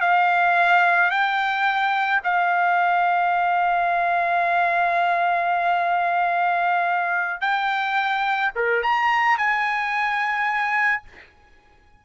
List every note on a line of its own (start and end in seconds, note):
0.00 1.10 F5
1.10 2.20 G5
2.23 7.40 F5
7.40 8.50 G5
8.55 8.82 A#4
8.82 9.37 A#5
9.37 11.02 G#5